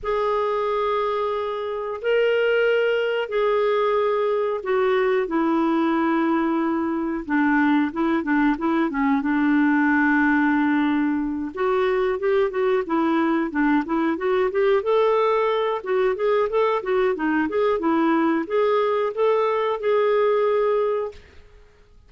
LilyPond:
\new Staff \with { instrumentName = "clarinet" } { \time 4/4 \tempo 4 = 91 gis'2. ais'4~ | ais'4 gis'2 fis'4 | e'2. d'4 | e'8 d'8 e'8 cis'8 d'2~ |
d'4. fis'4 g'8 fis'8 e'8~ | e'8 d'8 e'8 fis'8 g'8 a'4. | fis'8 gis'8 a'8 fis'8 dis'8 gis'8 e'4 | gis'4 a'4 gis'2 | }